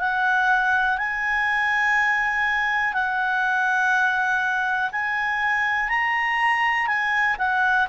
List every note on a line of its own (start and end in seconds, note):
0.00 0.98 F#5
0.98 2.94 G#5
2.94 4.90 F#5
4.92 5.89 G#5
5.89 6.87 A#5
6.87 7.36 G#5
7.39 7.88 F#5